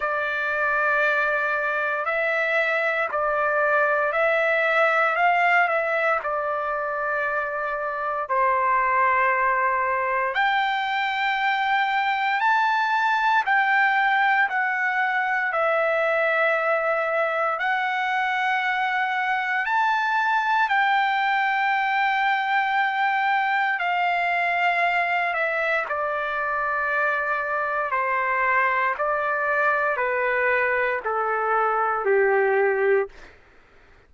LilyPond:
\new Staff \with { instrumentName = "trumpet" } { \time 4/4 \tempo 4 = 58 d''2 e''4 d''4 | e''4 f''8 e''8 d''2 | c''2 g''2 | a''4 g''4 fis''4 e''4~ |
e''4 fis''2 a''4 | g''2. f''4~ | f''8 e''8 d''2 c''4 | d''4 b'4 a'4 g'4 | }